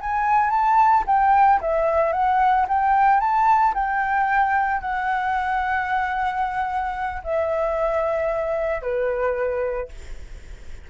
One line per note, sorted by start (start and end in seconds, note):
0.00 0.50 G#5
0.50 1.04 A5
1.07 1.60 G5
1.61 2.13 E5
2.13 2.66 F#5
2.68 3.20 G5
3.20 3.74 A5
3.74 4.81 G5
4.81 7.22 F#5
7.24 8.81 E5
8.81 9.89 B4